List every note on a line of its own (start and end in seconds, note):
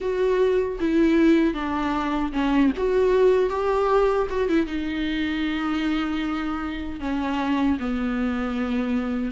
0.00 0.78 F#4
0.80 1.54 E4
1.54 2.32 D4
2.32 2.71 C#4
2.77 3.49 F#4
3.49 4.27 G4
4.29 4.48 F#4
4.48 4.66 E4
4.66 7.00 D#4
7.00 7.77 C#4
7.79 9.31 B3